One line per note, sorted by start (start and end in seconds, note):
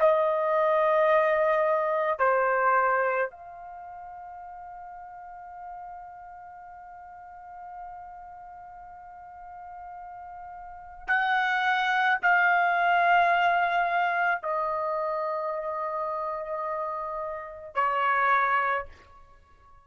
0.00 2.20 D#5
2.20 3.31 C5
3.31 11.08 F5
11.08 12.19 F#5
12.23 14.43 F5
14.43 17.75 D#5
17.75 18.86 C#5